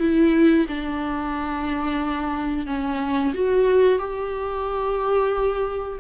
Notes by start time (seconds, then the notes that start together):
0.00 E4
0.68 D4
2.67 C#4
3.34 F#4
3.99 G4